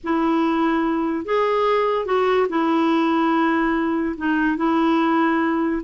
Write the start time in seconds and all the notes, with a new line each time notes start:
0.03 E4
1.25 G#4
2.05 F#4
2.49 E4
4.17 D#4
4.57 E4